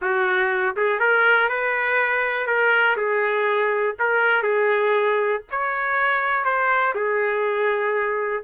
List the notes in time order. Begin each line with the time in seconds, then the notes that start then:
0.01 F#4
0.76 G#4
0.99 A#4
1.49 B4
2.46 A#4
2.96 G#4
3.99 A#4
4.42 G#4
5.50 C#5
6.44 C5
6.94 G#4